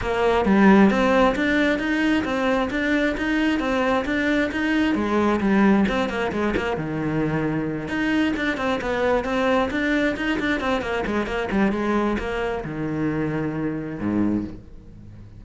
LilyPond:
\new Staff \with { instrumentName = "cello" } { \time 4/4 \tempo 4 = 133 ais4 g4 c'4 d'4 | dis'4 c'4 d'4 dis'4 | c'4 d'4 dis'4 gis4 | g4 c'8 ais8 gis8 ais8 dis4~ |
dis4. dis'4 d'8 c'8 b8~ | b8 c'4 d'4 dis'8 d'8 c'8 | ais8 gis8 ais8 g8 gis4 ais4 | dis2. gis,4 | }